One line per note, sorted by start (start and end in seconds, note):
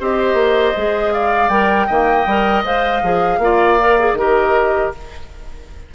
0.00 0.34 C4
0.00 0.76 G4
0.00 1.14 C5
0.00 1.13 D#5
0.34 0.72 A#3
0.77 1.49 G#3
0.77 1.50 G#4
1.13 1.87 D5
1.13 1.49 F5
1.49 1.87 G3
1.49 1.88 A#4
1.49 2.63 G5
1.87 2.26 D#3
1.87 2.28 A#3
1.87 3.39 D#5
2.26 2.64 G3
2.26 2.65 A#4
2.65 3.03 G#3
2.65 3.03 C5
2.65 4.16 F5
3.03 3.38 F3
3.03 3.42 G#4
3.38 4.13 A#3
3.38 3.80 F4
3.38 4.19 D5
3.80 3.99 A#4
4.00 4.18 G#4
4.13 4.89 D#3
4.13 4.94 G4
4.13 4.95 A#4
4.13 4.92 D#5